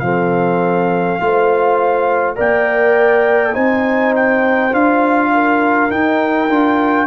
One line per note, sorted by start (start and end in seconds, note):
0.00 1.19 F3
0.00 1.21 C4
0.00 1.23 A4
0.00 2.35 F5
1.21 2.38 A3
1.21 2.36 F4
1.21 2.37 C5
2.36 3.57 A#3
2.36 3.53 A#4
2.36 3.55 D5
2.36 3.55 G5
3.53 4.73 C4
3.53 4.71 D#4
3.53 5.31 C5
3.53 4.14 G#5
4.16 4.75 G5
4.72 5.91 D4
4.72 5.90 F4
4.72 5.91 F5
5.34 7.08 A#4
5.91 6.50 D#4
5.91 6.49 D#4
5.91 7.08 G5
6.49 7.08 D4
6.49 7.08 F4